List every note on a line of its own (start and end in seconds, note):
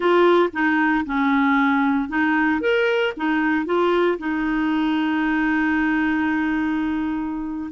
0.00 0.49 F4
0.52 1.04 D#4
1.05 2.08 C#4
2.08 2.61 D#4
2.61 3.13 A#4
3.17 3.65 D#4
3.65 4.17 F4
4.18 7.70 D#4